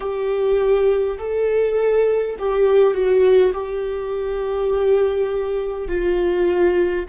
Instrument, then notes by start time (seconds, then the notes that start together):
viola
0.00 G4
1.18 A4
2.39 G4
2.94 F#4
3.53 G4
5.88 F4